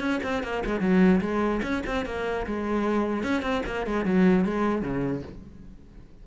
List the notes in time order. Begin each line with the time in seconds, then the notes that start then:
0.00 C#4
0.23 C4
0.43 A#3
0.66 G#3
0.80 F#3
1.21 G#3
1.63 C#4
1.86 C4
2.06 A#3
2.47 G#3
3.23 C#4
3.42 C4
3.66 A#3
3.86 G#3
4.05 F#3
4.45 G#3
4.82 C#3